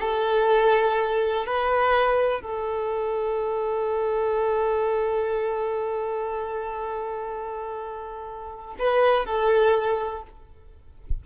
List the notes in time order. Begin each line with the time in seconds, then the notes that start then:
0.00 A4
1.46 B4
2.41 A4
8.79 B4
9.25 A4